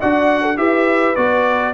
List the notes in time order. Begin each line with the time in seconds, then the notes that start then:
0.00 D4 F#4 D5 F#5
0.41 A4
0.57 E4 G4 B4 E5
1.15 B3 F#4 D5